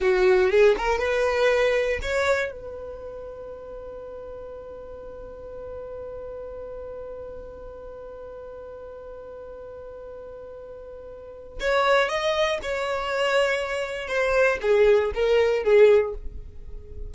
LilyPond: \new Staff \with { instrumentName = "violin" } { \time 4/4 \tempo 4 = 119 fis'4 gis'8 ais'8 b'2 | cis''4 b'2.~ | b'1~ | b'1~ |
b'1~ | b'2. cis''4 | dis''4 cis''2. | c''4 gis'4 ais'4 gis'4 | }